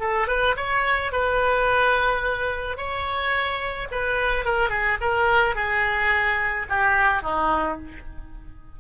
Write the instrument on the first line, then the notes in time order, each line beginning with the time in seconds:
oboe
0.00 A4
0.28 B4
0.57 C#5
1.12 B4
2.77 C#5
3.91 B4
4.45 A#4
4.70 G#4
5.01 A#4
5.56 G#4
6.69 G4
7.22 D#4